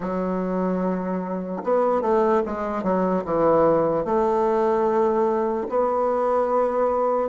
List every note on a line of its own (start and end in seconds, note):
0.00 1.62 F#3
1.63 2.01 B3
2.01 2.42 A3
2.45 2.83 G#3
2.83 3.23 F#3
3.24 4.05 E3
4.05 5.67 A3
5.69 7.28 B3